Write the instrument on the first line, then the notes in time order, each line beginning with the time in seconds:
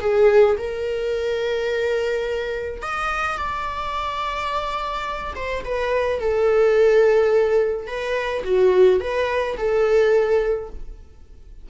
viola
0.00 G#4
0.58 A#4
2.82 D#5
3.37 D5
5.36 C5
5.65 B4
6.20 A4
7.87 B4
8.44 F#4
9.00 B4
9.57 A4